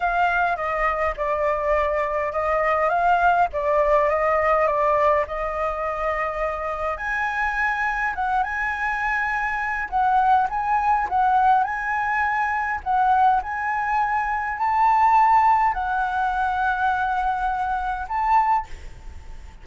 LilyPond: \new Staff \with { instrumentName = "flute" } { \time 4/4 \tempo 4 = 103 f''4 dis''4 d''2 | dis''4 f''4 d''4 dis''4 | d''4 dis''2. | gis''2 fis''8 gis''4.~ |
gis''4 fis''4 gis''4 fis''4 | gis''2 fis''4 gis''4~ | gis''4 a''2 fis''4~ | fis''2. a''4 | }